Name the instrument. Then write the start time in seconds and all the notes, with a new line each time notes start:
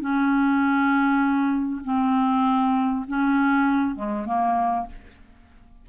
clarinet
0.00 C#4
1.84 C4
3.08 C#4
3.96 G#3
4.26 A#3